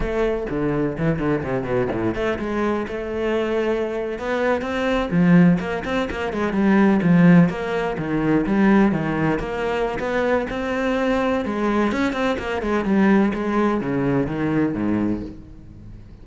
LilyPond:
\new Staff \with { instrumentName = "cello" } { \time 4/4 \tempo 4 = 126 a4 d4 e8 d8 c8 b,8 | a,8 a8 gis4 a2~ | a8. b4 c'4 f4 ais16~ | ais16 c'8 ais8 gis8 g4 f4 ais16~ |
ais8. dis4 g4 dis4 ais16~ | ais4 b4 c'2 | gis4 cis'8 c'8 ais8 gis8 g4 | gis4 cis4 dis4 gis,4 | }